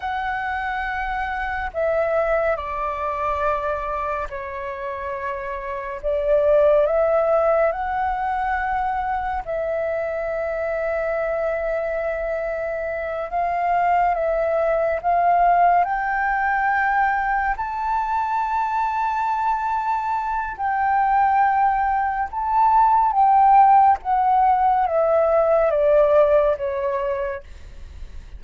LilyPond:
\new Staff \with { instrumentName = "flute" } { \time 4/4 \tempo 4 = 70 fis''2 e''4 d''4~ | d''4 cis''2 d''4 | e''4 fis''2 e''4~ | e''2.~ e''8 f''8~ |
f''8 e''4 f''4 g''4.~ | g''8 a''2.~ a''8 | g''2 a''4 g''4 | fis''4 e''4 d''4 cis''4 | }